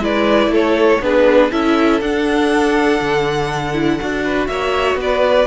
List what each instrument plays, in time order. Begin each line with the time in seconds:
0.00 cello G#3, viola E4, violin B4 D5
0.48 cello A3, violin A4
0.55 violin C#5
1.01 cello B3, viola D4, violin G#4 B4
1.51 cello C#4, viola E4, violin A4 E5
2.01 cello D4, viola D4, violin F#5
3.01 cello D3
3.74 viola E4
4.01 cello D4, viola F#4
4.24 violin B4
4.47 cello A#3, violin C#5 E5
4.95 cello B3, violin B4
5.02 violin D5